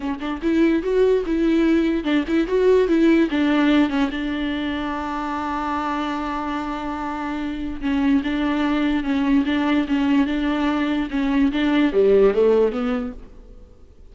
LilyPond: \new Staff \with { instrumentName = "viola" } { \time 4/4 \tempo 4 = 146 cis'8 d'8 e'4 fis'4 e'4~ | e'4 d'8 e'8 fis'4 e'4 | d'4. cis'8 d'2~ | d'1~ |
d'2. cis'4 | d'2 cis'4 d'4 | cis'4 d'2 cis'4 | d'4 g4 a4 b4 | }